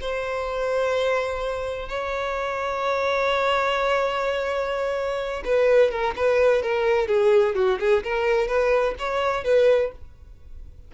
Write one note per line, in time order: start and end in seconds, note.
0.00 1.89 C5
1.89 5.43 C#5
5.44 5.91 B4
5.91 6.14 A#4
6.15 6.62 B4
6.62 7.07 A#4
7.07 7.55 G#4
7.55 7.79 F#4
7.79 8.03 G#4
8.03 8.47 A#4
8.47 8.94 B4
8.99 9.44 C#5
9.44 9.91 B4